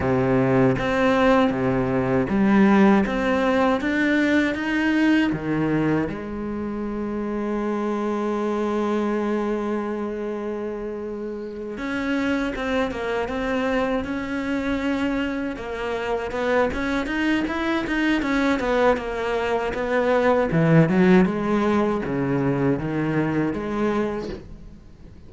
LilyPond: \new Staff \with { instrumentName = "cello" } { \time 4/4 \tempo 4 = 79 c4 c'4 c4 g4 | c'4 d'4 dis'4 dis4 | gis1~ | gis2.~ gis8 cis'8~ |
cis'8 c'8 ais8 c'4 cis'4.~ | cis'8 ais4 b8 cis'8 dis'8 e'8 dis'8 | cis'8 b8 ais4 b4 e8 fis8 | gis4 cis4 dis4 gis4 | }